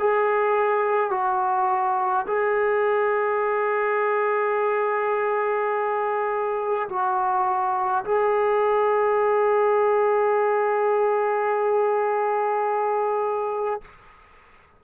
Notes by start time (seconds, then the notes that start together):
0.00 G#4
1.11 F#4
2.28 G#4
6.89 F#4
8.05 G#4